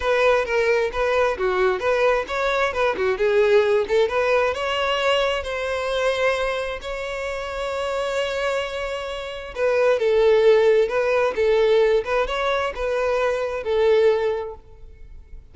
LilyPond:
\new Staff \with { instrumentName = "violin" } { \time 4/4 \tempo 4 = 132 b'4 ais'4 b'4 fis'4 | b'4 cis''4 b'8 fis'8 gis'4~ | gis'8 a'8 b'4 cis''2 | c''2. cis''4~ |
cis''1~ | cis''4 b'4 a'2 | b'4 a'4. b'8 cis''4 | b'2 a'2 | }